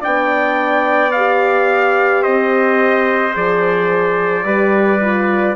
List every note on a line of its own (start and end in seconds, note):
0.00 2.25 B3
0.00 1.12 D4
0.00 2.22 D5
0.00 1.12 G5
1.12 3.33 G4
1.12 2.23 F5
2.22 3.36 C4
2.22 4.45 C5
2.22 3.34 D#5
3.33 4.44 F3
3.33 4.44 G#4
3.33 5.56 D5
4.44 5.55 G3
4.44 5.00 G4
4.44 5.56 B4
5.01 5.56 F4